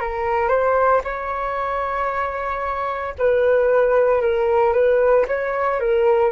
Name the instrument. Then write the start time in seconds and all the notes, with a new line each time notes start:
flute
0.00 A#4
0.48 C5
1.04 C#5
3.19 B4
4.22 A#4
4.73 B4
5.28 C#5
5.80 A#4